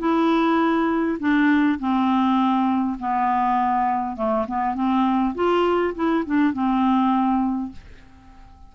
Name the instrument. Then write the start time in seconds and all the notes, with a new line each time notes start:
clarinet
0.00 E4
1.20 D4
1.80 C4
3.00 B3
4.17 A3
4.48 B3
4.76 C4
5.35 F4
5.95 E4
6.26 D4
6.54 C4